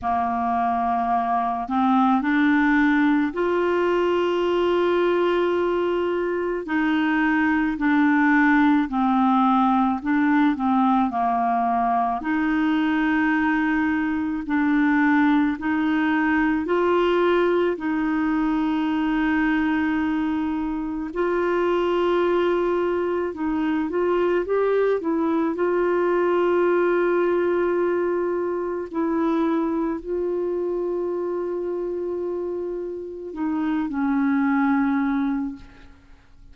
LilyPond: \new Staff \with { instrumentName = "clarinet" } { \time 4/4 \tempo 4 = 54 ais4. c'8 d'4 f'4~ | f'2 dis'4 d'4 | c'4 d'8 c'8 ais4 dis'4~ | dis'4 d'4 dis'4 f'4 |
dis'2. f'4~ | f'4 dis'8 f'8 g'8 e'8 f'4~ | f'2 e'4 f'4~ | f'2 dis'8 cis'4. | }